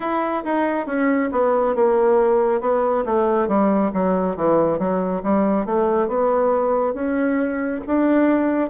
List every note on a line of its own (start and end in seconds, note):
0.00 0.43 E4
0.44 0.86 D#4
0.86 1.30 C#4
1.31 1.75 B3
1.75 2.60 A#3
2.60 3.04 B3
3.05 3.47 A3
3.47 3.91 G3
3.93 4.36 F#3
4.36 4.78 E3
4.78 5.22 F#3
5.23 5.65 G3
5.65 6.08 A3
6.08 6.94 B3
6.94 7.81 C#4
7.87 8.70 D4